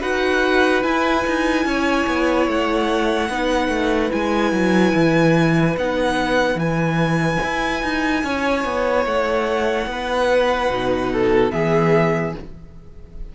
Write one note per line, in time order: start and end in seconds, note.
0.00 0.84 D#4
0.00 0.82 F#4
0.00 1.64 B4
0.00 0.83 F#5
0.82 3.29 E4
0.82 1.25 E4
0.82 2.47 G#5
1.26 1.65 D#4
1.65 2.06 C#4
1.65 3.29 C#5
2.06 2.47 B3
2.47 3.29 A3
2.47 4.12 F#5
3.29 3.68 B3
3.29 4.10 D#4
3.29 8.22 B4
3.68 4.09 A3
4.10 4.52 G#3
4.10 5.74 E4
4.10 5.76 G#5
4.52 4.93 F#3
4.94 5.76 E3
5.77 6.55 B3
5.77 6.60 D#4
5.77 6.59 F#5
6.55 7.37 E3
6.55 10.71 E4
6.55 9.05 G#5
7.43 7.83 E4
7.83 8.23 D#4
8.23 8.64 C#4
8.23 9.88 C#5
8.64 9.05 B3
9.05 9.86 A3
9.05 11.50 F#5
9.86 10.68 B3
9.86 11.12 B4
10.69 11.51 B2
10.69 11.51 D#4
11.12 11.53 A4
11.50 12.34 E3
11.50 12.33 B3
11.50 12.35 G#4
11.50 12.33 E5